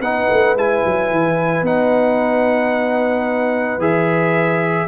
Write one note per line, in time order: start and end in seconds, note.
0.00 0.27 B3
0.00 0.57 D#4
0.00 4.86 B4
0.00 0.55 F#5
0.29 0.55 A3
0.55 0.82 G#3
0.55 1.65 E4
0.55 1.66 G#5
0.85 1.10 F#3
1.10 1.62 E3
1.62 3.78 B3
1.62 3.79 D#4
1.62 3.81 F#5
3.78 4.86 E3
3.78 4.87 G#4
3.78 4.87 E5